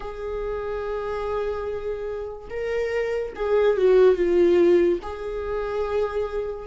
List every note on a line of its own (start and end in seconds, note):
0.00 2.48 G#4
2.50 3.33 A#4
3.35 3.77 G#4
3.77 4.15 F#4
4.15 4.98 F4
5.02 6.67 G#4